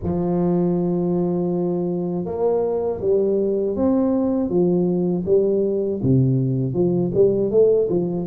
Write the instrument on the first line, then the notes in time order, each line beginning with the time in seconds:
tuba
0.03 F3
2.25 A#3
3.00 G3
3.76 C4
4.49 F3
5.25 G3
6.02 C3
6.73 F3
7.14 G3
7.50 A3
7.89 F3